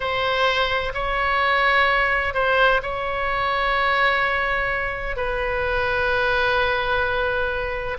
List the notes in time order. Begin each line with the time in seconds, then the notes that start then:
0.00 C5
0.94 C#5
2.34 C5
2.82 C#5
5.16 B4